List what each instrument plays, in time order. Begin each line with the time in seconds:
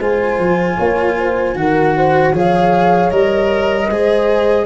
0.00 tuba G#3, cello F4, horn C5, flute G#5
0.38 tuba F3
0.78 tuba A#3, horn C#5
1.18 horn C5
1.55 tuba D#3, cello F#4, horn A#4, flute F#5
1.97 horn C5
2.33 tuba F3, cello G#4, horn C#5, flute F5
3.11 tuba G3, cello A#4, flute D#5
3.90 tuba G#3, cello G#4, horn C5